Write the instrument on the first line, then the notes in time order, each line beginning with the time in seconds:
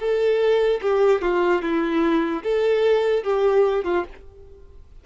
violin
0.00 A4
0.82 G4
1.22 F4
1.62 E4
2.44 A4
3.24 G4
3.85 F4